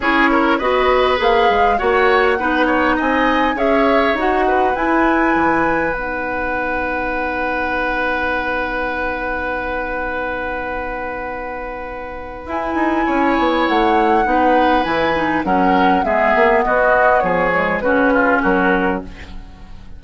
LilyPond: <<
  \new Staff \with { instrumentName = "flute" } { \time 4/4 \tempo 4 = 101 cis''4 dis''4 f''4 fis''4~ | fis''4 gis''4 e''4 fis''4 | gis''2 fis''2~ | fis''1~ |
fis''1~ | fis''4 gis''2 fis''4~ | fis''4 gis''4 fis''4 e''4 | dis''4 cis''4 b'4 ais'4 | }
  \new Staff \with { instrumentName = "oboe" } { \time 4/4 gis'8 ais'8 b'2 cis''4 | b'8 cis''8 dis''4 cis''4. b'8~ | b'1~ | b'1~ |
b'1~ | b'2 cis''2 | b'2 ais'4 gis'4 | fis'4 gis'4 fis'8 f'8 fis'4 | }
  \new Staff \with { instrumentName = "clarinet" } { \time 4/4 e'4 fis'4 gis'4 fis'4 | dis'2 gis'4 fis'4 | e'2 dis'2~ | dis'1~ |
dis'1~ | dis'4 e'2. | dis'4 e'8 dis'8 cis'4 b4~ | b4. gis8 cis'2 | }
  \new Staff \with { instrumentName = "bassoon" } { \time 4/4 cis'4 b4 ais8 gis8 ais4 | b4 c'4 cis'4 dis'4 | e'4 e4 b2~ | b1~ |
b1~ | b4 e'8 dis'8 cis'8 b8 a4 | b4 e4 fis4 gis8 ais8 | b4 f4 cis4 fis4 | }
>>